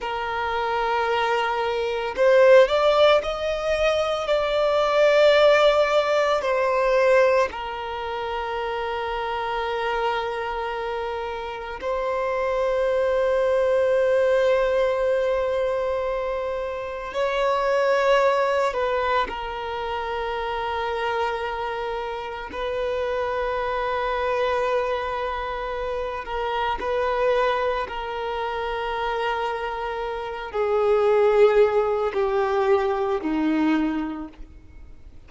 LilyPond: \new Staff \with { instrumentName = "violin" } { \time 4/4 \tempo 4 = 56 ais'2 c''8 d''8 dis''4 | d''2 c''4 ais'4~ | ais'2. c''4~ | c''1 |
cis''4. b'8 ais'2~ | ais'4 b'2.~ | b'8 ais'8 b'4 ais'2~ | ais'8 gis'4. g'4 dis'4 | }